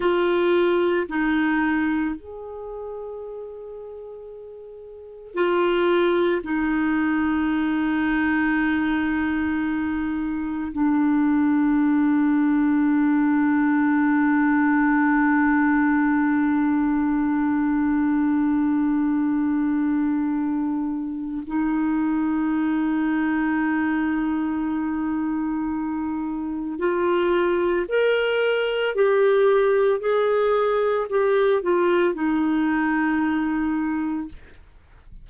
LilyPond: \new Staff \with { instrumentName = "clarinet" } { \time 4/4 \tempo 4 = 56 f'4 dis'4 gis'2~ | gis'4 f'4 dis'2~ | dis'2 d'2~ | d'1~ |
d'1 | dis'1~ | dis'4 f'4 ais'4 g'4 | gis'4 g'8 f'8 dis'2 | }